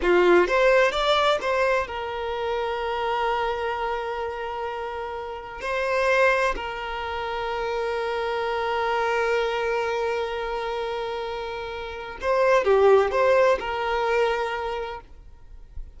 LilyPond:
\new Staff \with { instrumentName = "violin" } { \time 4/4 \tempo 4 = 128 f'4 c''4 d''4 c''4 | ais'1~ | ais'1 | c''2 ais'2~ |
ais'1~ | ais'1~ | ais'2 c''4 g'4 | c''4 ais'2. | }